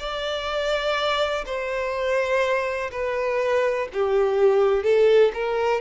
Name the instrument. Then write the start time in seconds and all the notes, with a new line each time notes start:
violin
0.00 D5
1.46 C5
2.92 B4
3.94 G4
4.84 A4
5.34 A#4